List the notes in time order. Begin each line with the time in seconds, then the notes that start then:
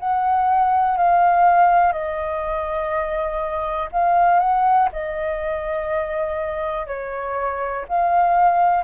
0.00 F#5
0.98 F5
1.93 D#5
3.93 F5
4.40 F#5
4.93 D#5
6.87 C#5
7.89 F5